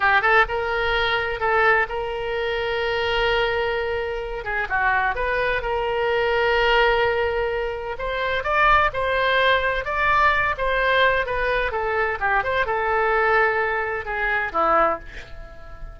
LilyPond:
\new Staff \with { instrumentName = "oboe" } { \time 4/4 \tempo 4 = 128 g'8 a'8 ais'2 a'4 | ais'1~ | ais'4. gis'8 fis'4 b'4 | ais'1~ |
ais'4 c''4 d''4 c''4~ | c''4 d''4. c''4. | b'4 a'4 g'8 c''8 a'4~ | a'2 gis'4 e'4 | }